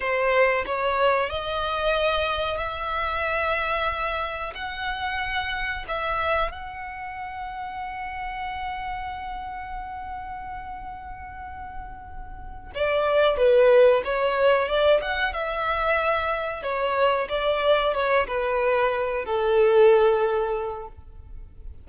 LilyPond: \new Staff \with { instrumentName = "violin" } { \time 4/4 \tempo 4 = 92 c''4 cis''4 dis''2 | e''2. fis''4~ | fis''4 e''4 fis''2~ | fis''1~ |
fis''2.~ fis''8 d''8~ | d''8 b'4 cis''4 d''8 fis''8 e''8~ | e''4. cis''4 d''4 cis''8 | b'4. a'2~ a'8 | }